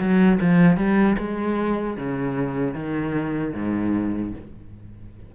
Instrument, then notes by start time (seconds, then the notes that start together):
cello
0.00 F#3
0.41 F3
0.77 G3
1.18 G#3
1.97 C#3
2.75 D#3
3.54 G#2